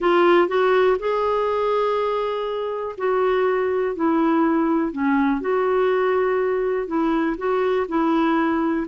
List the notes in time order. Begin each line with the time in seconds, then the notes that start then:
0.00 F4
0.47 F#4
0.99 G#4
2.97 F#4
3.95 E4
4.92 C#4
5.40 F#4
6.87 E4
7.37 F#4
7.88 E4